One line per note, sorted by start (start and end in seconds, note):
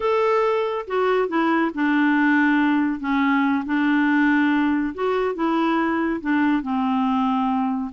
0.00 0.85 A4
0.87 1.28 F#4
1.28 1.71 E4
1.74 2.99 D4
2.99 3.64 C#4
3.65 4.94 D4
4.94 5.34 F#4
5.34 6.20 E4
6.20 6.62 D4
6.62 7.91 C4